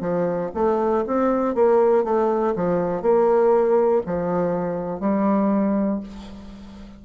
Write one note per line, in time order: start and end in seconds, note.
0.00 0.50 F3
0.54 1.04 A3
1.07 1.55 C4
1.55 2.04 A#3
2.04 2.54 A3
2.55 3.02 F3
3.02 4.02 A#3
4.06 5.00 F3
5.00 6.00 G3